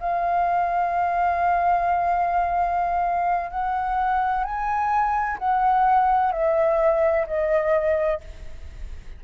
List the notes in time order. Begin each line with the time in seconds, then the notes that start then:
0.00 F5
3.50 F#5
4.44 G#5
5.39 F#5
6.32 E5
7.27 D#5